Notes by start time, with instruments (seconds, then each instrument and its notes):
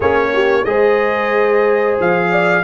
0.00 tuba A#3, trombone C#4, horn G#4, trumpet C#5
0.33 horn G4
0.64 tuba G#3, trombone G#4, horn C5, trumpet D#5
1.99 tuba F3, trumpet F5
2.30 horn D5